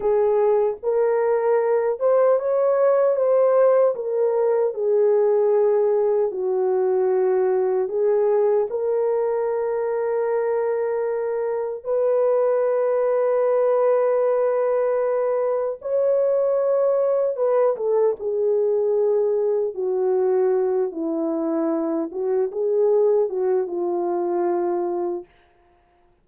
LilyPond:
\new Staff \with { instrumentName = "horn" } { \time 4/4 \tempo 4 = 76 gis'4 ais'4. c''8 cis''4 | c''4 ais'4 gis'2 | fis'2 gis'4 ais'4~ | ais'2. b'4~ |
b'1 | cis''2 b'8 a'8 gis'4~ | gis'4 fis'4. e'4. | fis'8 gis'4 fis'8 f'2 | }